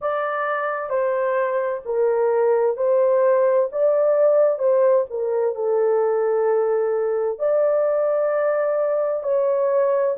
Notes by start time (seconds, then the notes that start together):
0.01 D5
0.89 C5
1.85 A#4
2.77 C5
3.72 D5
4.59 C5
5.10 A#4
5.55 A4
7.38 D5
9.23 C#5